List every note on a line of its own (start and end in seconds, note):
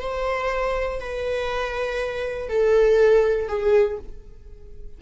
0.00 1.00 C5
1.00 2.49 B4
2.49 3.48 A4
3.48 3.98 G#4